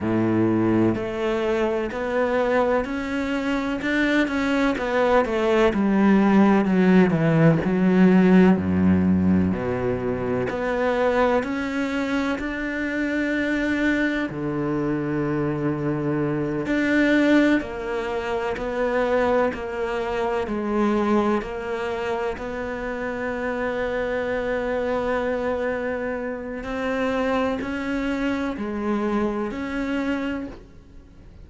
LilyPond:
\new Staff \with { instrumentName = "cello" } { \time 4/4 \tempo 4 = 63 a,4 a4 b4 cis'4 | d'8 cis'8 b8 a8 g4 fis8 e8 | fis4 fis,4 b,4 b4 | cis'4 d'2 d4~ |
d4. d'4 ais4 b8~ | b8 ais4 gis4 ais4 b8~ | b1 | c'4 cis'4 gis4 cis'4 | }